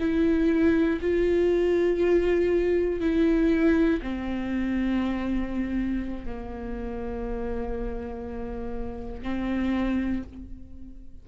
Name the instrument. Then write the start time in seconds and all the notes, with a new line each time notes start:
viola
0.00 E4
1.02 F4
3.01 E4
4.02 C4
6.25 A#3
9.23 C4